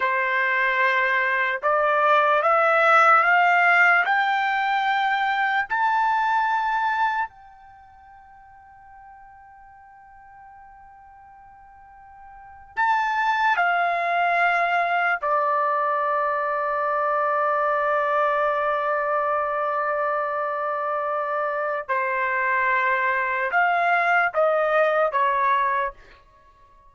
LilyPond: \new Staff \with { instrumentName = "trumpet" } { \time 4/4 \tempo 4 = 74 c''2 d''4 e''4 | f''4 g''2 a''4~ | a''4 g''2.~ | g''2.~ g''8. a''16~ |
a''8. f''2 d''4~ d''16~ | d''1~ | d''2. c''4~ | c''4 f''4 dis''4 cis''4 | }